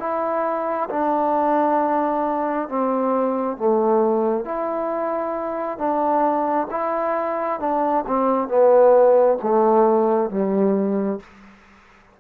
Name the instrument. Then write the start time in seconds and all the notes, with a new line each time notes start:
trombone
0.00 E4
0.90 D4
2.69 C4
3.58 A3
4.45 E4
5.78 D4
6.71 E4
7.60 D4
8.07 C4
8.49 B3
9.42 A3
10.31 G3